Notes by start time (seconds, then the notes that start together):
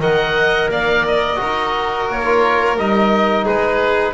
0.00 D#3 A#4 D#5 F#5
0.69 A#3 D5 F5
1.07 D#5
1.36 F#4 A#4
1.42 D#4
2.10 A#3 C#5
2.25 F4
2.78 G3 D#4 D#5
3.44 G#3 G#4 B4